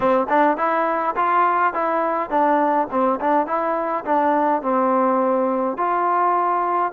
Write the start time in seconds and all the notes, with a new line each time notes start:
0.00 C4
0.29 D4
0.57 E4
1.16 F4
1.73 E4
2.29 D4
2.90 C4
3.20 D4
3.46 E4
4.05 D4
4.62 C4
5.77 F4